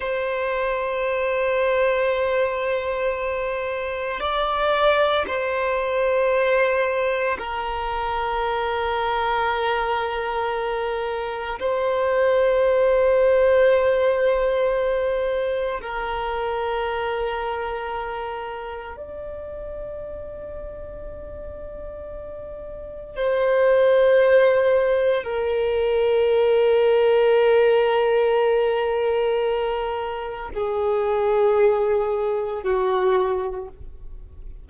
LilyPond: \new Staff \with { instrumentName = "violin" } { \time 4/4 \tempo 4 = 57 c''1 | d''4 c''2 ais'4~ | ais'2. c''4~ | c''2. ais'4~ |
ais'2 d''2~ | d''2 c''2 | ais'1~ | ais'4 gis'2 fis'4 | }